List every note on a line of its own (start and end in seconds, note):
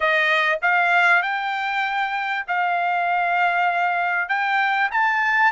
0.00 0.58 D#5
0.62 1.22 F5
1.22 2.45 G5
2.47 4.28 F5
4.28 4.90 G5
4.91 5.52 A5